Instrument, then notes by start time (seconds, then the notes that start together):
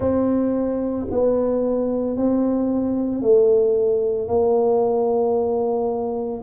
tuba
0.00 C4
1.11 B3
2.17 C4
3.21 A3
4.27 A#3